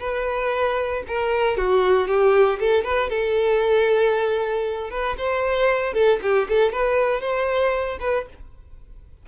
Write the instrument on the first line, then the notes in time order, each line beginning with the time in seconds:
violin
0.00 B4
1.08 A#4
1.58 F#4
2.08 G4
2.60 A4
2.84 B4
3.10 A4
4.91 B4
5.18 C5
5.94 A4
6.23 G4
6.49 A4
6.73 B4
7.21 C5
8.00 B4